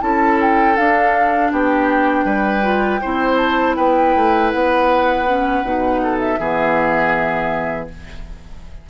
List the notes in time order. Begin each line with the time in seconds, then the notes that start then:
0.00 C#4 E4 A4 A5
0.41 G5
0.76 D4 F5
1.52 B3 G4 G5
2.24 G3 B4
2.62 F4
3.01 C4 E4 C5
3.37 A5
3.75 B3 B4 G5
4.15 A3
4.50 B3 F#5
5.27 C#4
5.63 B2 D#4
6.03 A4
6.18 E5
6.39 E3 B3 G#4